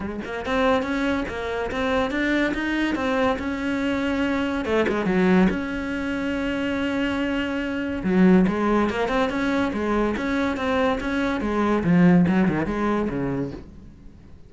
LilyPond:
\new Staff \with { instrumentName = "cello" } { \time 4/4 \tempo 4 = 142 gis8 ais8 c'4 cis'4 ais4 | c'4 d'4 dis'4 c'4 | cis'2. a8 gis8 | fis4 cis'2.~ |
cis'2. fis4 | gis4 ais8 c'8 cis'4 gis4 | cis'4 c'4 cis'4 gis4 | f4 fis8 dis8 gis4 cis4 | }